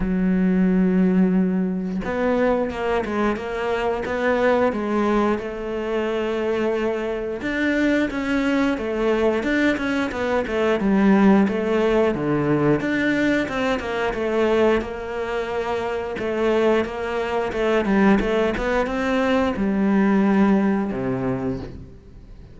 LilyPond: \new Staff \with { instrumentName = "cello" } { \time 4/4 \tempo 4 = 89 fis2. b4 | ais8 gis8 ais4 b4 gis4 | a2. d'4 | cis'4 a4 d'8 cis'8 b8 a8 |
g4 a4 d4 d'4 | c'8 ais8 a4 ais2 | a4 ais4 a8 g8 a8 b8 | c'4 g2 c4 | }